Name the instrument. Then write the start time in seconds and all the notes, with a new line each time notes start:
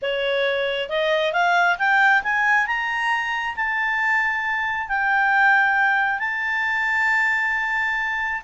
clarinet
0.02 C#5
0.89 D#5
1.32 F5
1.78 G5
2.23 G#5
2.66 A#5
3.56 A5
4.88 G5
6.19 A5